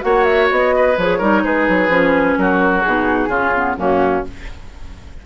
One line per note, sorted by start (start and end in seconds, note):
0.00 0.50 A#3
0.00 0.94 F#4
0.00 0.75 C#5
0.00 0.23 F#5
0.23 0.47 E5
0.50 0.97 B3
0.50 0.97 D#5
0.75 1.18 B4
0.97 1.20 F3
0.97 1.19 G#4
0.97 1.44 C#5
1.18 1.44 G3
1.18 1.89 D#4
1.18 1.41 A#4
1.44 1.67 G#3
1.44 2.38 G#4
1.44 2.37 B4
1.68 1.88 F#3
1.88 2.35 F3
1.88 2.82 C#4
2.37 2.84 F#3
2.37 3.29 F#4
2.37 2.81 A#4
2.81 3.28 B2
2.81 3.29 D#4
2.81 3.75 G#4
3.28 3.75 C#3
3.28 3.53 C#4
3.28 3.76 F4
3.54 3.77 B3
3.77 4.24 F#2
3.77 4.24 A#3
3.77 4.25 C#4
3.77 4.24 F#4